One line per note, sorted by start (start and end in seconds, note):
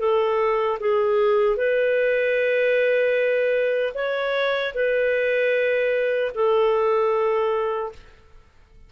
0.00 0.79 A4
0.80 1.57 G#4
1.57 3.94 B4
3.95 4.74 C#5
4.74 6.32 B4
6.35 7.93 A4